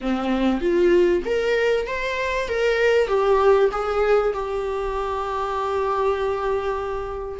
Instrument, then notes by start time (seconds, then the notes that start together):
viola
0.01 C4
0.60 F4
1.25 A#4
1.86 C5
2.48 A#4
3.07 G4
3.71 G#4
4.33 G4